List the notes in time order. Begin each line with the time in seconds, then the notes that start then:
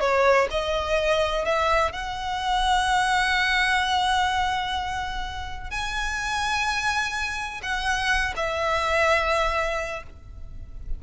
0.00 C#5
0.50 D#5
1.45 E5
1.92 F#5
5.70 G#5
7.62 F#5
8.36 E5